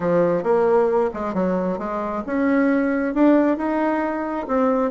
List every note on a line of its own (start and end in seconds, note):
0.00 0.43 F3
0.43 1.10 A#3
1.13 1.34 G#3
1.34 1.78 F#3
1.78 2.23 G#3
2.26 3.14 C#4
3.14 3.57 D4
3.57 4.47 D#4
4.47 4.91 C4